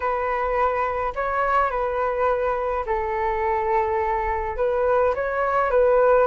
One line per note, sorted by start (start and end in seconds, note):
0.00 1.13 B4
1.15 1.70 C#5
1.70 2.84 B4
2.86 4.56 A4
4.56 5.14 B4
5.14 5.70 C#5
5.70 6.26 B4